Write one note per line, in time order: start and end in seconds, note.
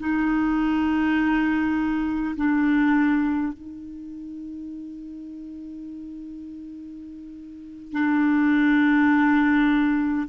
0.00 2.35 D#4
2.36 3.53 D4
3.53 7.93 D#4
7.93 10.28 D4